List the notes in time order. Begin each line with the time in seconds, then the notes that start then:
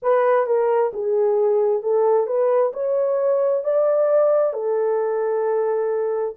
0.02 B4
0.46 A#4
0.93 G#4
1.82 A4
2.26 B4
2.73 C#5
3.64 D5
4.53 A4